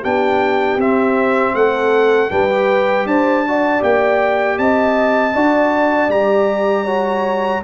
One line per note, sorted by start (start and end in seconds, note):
0.00 0.76 B3
0.00 0.79 D4
0.00 1.52 G4
0.00 0.80 G5
0.76 1.52 C4
0.76 2.30 C4
0.76 1.55 E5
1.54 2.30 A3
1.54 2.30 A4
1.54 2.30 F#5
2.30 3.05 G3
2.30 2.49 D4
2.30 3.06 B4
2.30 3.06 G5
2.49 3.44 G4
3.05 3.81 D4
3.05 3.46 C5
3.05 3.82 A5
3.47 3.79 F#4
3.47 4.58 D5
3.79 4.58 A#3
3.79 5.31 G4
3.79 4.58 G5
4.58 5.34 C4
4.58 5.34 D#5
4.58 6.10 A5
5.34 6.09 D4
5.34 6.10 F#4
5.34 6.84 D5
6.09 7.60 G3
6.09 6.86 G4
6.09 7.62 A#5
6.84 7.62 F#4
6.84 7.60 C#5